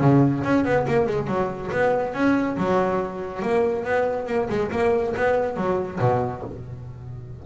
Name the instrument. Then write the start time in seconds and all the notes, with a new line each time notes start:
double bass
0.00 C#3
0.43 C#4
0.64 B3
0.87 A#3
1.07 G#3
1.27 F#3
1.71 B3
2.14 C#4
2.57 F#3
3.42 A#3
3.85 B3
4.26 A#3
4.49 G#3
4.71 A#3
5.16 B3
5.56 F#3
6.00 B2